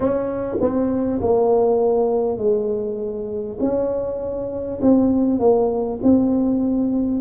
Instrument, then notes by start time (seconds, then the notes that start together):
tuba
0.00 C#4
0.60 C4
1.20 A#3
2.37 G#3
3.60 C#4
4.81 C4
5.39 A#3
6.03 C4